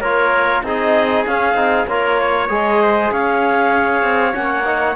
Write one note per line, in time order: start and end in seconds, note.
0.00 0.62 A#3
0.00 0.65 F4
0.00 0.63 A#4
0.00 0.63 C#5
0.63 1.25 C4
0.63 1.26 D#4
0.63 1.89 G#4
0.63 1.25 D#5
1.26 1.56 C#4
1.26 1.54 C#4
1.26 1.88 F5
1.54 1.85 C4
1.54 1.86 D#4
1.87 2.49 A#3
1.87 2.49 F4
1.87 2.20 A#4
1.87 2.50 C#5
2.21 2.82 C#5
2.49 3.11 G#3
2.49 4.33 G#4
2.49 3.12 D#5
2.82 3.13 C5
3.11 4.02 C#4
3.11 4.95 C#5
3.11 4.35 F5
4.02 4.33 C4
4.33 4.95 A#3
4.33 4.64 C#4
4.33 4.95 F#5
4.65 4.95 D#4